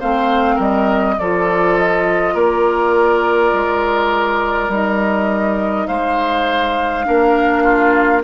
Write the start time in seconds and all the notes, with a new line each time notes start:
0.00 A3 C4 C5 F5
0.55 G3 A#4 D#5
1.19 F3 F4 A4 D5
1.78 D#5
2.34 A#3 A#4 D5
3.53 G#3
4.69 G3 D#4 D#5
5.87 G#3 C5 F5
7.05 A#3 D4 A#4
7.63 F4